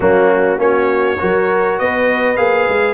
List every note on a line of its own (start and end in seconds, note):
0.00 0.57 F#3
0.00 0.57 A#3
0.00 0.60 C#4
0.00 0.60 F#4
0.57 1.17 A#3
0.57 1.17 C#4
0.57 1.20 F#4
0.57 1.78 C#5
1.18 1.80 F#3
1.18 2.36 F#4
1.18 1.78 A#4
1.78 2.37 B3
1.78 2.94 B4
1.78 2.36 D#5
2.36 2.67 A#3
2.36 2.94 G#4
2.36 2.94 F5
2.68 2.94 G#3